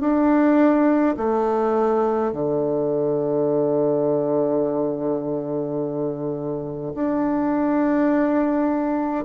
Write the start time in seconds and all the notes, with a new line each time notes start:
0.00 D4
1.16 A3
2.32 D3
6.94 D4